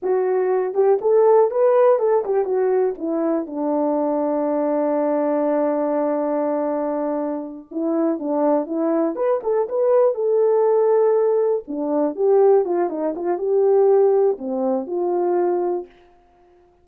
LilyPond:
\new Staff \with { instrumentName = "horn" } { \time 4/4 \tempo 4 = 121 fis'4. g'8 a'4 b'4 | a'8 g'8 fis'4 e'4 d'4~ | d'1~ | d'2.~ d'8 e'8~ |
e'8 d'4 e'4 b'8 a'8 b'8~ | b'8 a'2. d'8~ | d'8 g'4 f'8 dis'8 f'8 g'4~ | g'4 c'4 f'2 | }